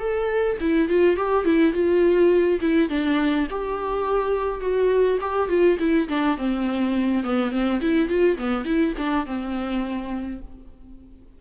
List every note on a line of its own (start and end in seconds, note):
0.00 0.58 A4
0.61 0.89 E4
0.89 1.17 F4
1.17 1.45 G4
1.45 1.74 E4
1.74 2.60 F4
2.61 2.90 E4
2.90 3.47 D4
3.51 4.61 G4
4.61 5.19 F#4
5.21 5.49 G4
5.49 5.78 F4
5.80 6.09 E4
6.09 6.38 D4
6.38 7.24 C4
7.24 7.52 B3
7.52 7.81 C4
7.81 8.10 E4
8.10 8.38 F4
8.38 8.65 B3
8.65 8.94 E4
8.98 9.26 D4
9.26 10.42 C4